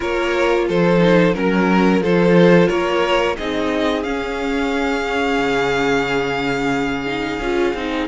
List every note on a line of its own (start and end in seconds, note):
0.00 0.69 A#3
0.00 0.98 F4
0.00 0.65 A#4
0.00 0.68 C#5
0.68 1.35 F3
0.68 1.35 A4
0.68 1.34 C5
0.98 1.32 D#4
1.34 1.99 F#3
1.34 2.02 C#4
1.34 2.01 A#4
1.34 2.03 A#4
1.99 2.67 F3
1.99 3.37 F4
1.99 2.68 A4
1.99 2.68 C5
2.68 3.37 A#3
2.68 3.36 A#4
2.68 3.36 C#5
3.37 4.04 C4
3.37 4.04 D#4
3.37 8.08 G#4
3.37 4.03 D#5
4.03 7.06 C#4
4.03 5.38 C#4
4.03 8.07 F5
5.38 7.39 C#3
7.06 7.39 D#4
7.39 7.73 C#4
7.39 7.75 F4
7.74 8.07 C4
7.74 8.08 D#4